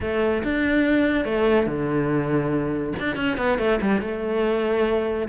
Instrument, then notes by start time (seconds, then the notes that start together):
cello
0.00 A3
0.43 D4
1.25 A3
1.66 D3
2.99 D4
3.16 C#4
3.37 B3
3.58 A3
3.81 G3
4.01 A3